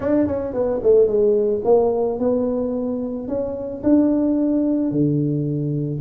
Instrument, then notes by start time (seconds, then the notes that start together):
tuba
0.00 D4
0.27 C#4
0.53 B3
0.82 A3
1.07 G#3
1.64 A#3
2.19 B3
3.28 C#4
3.83 D4
4.91 D3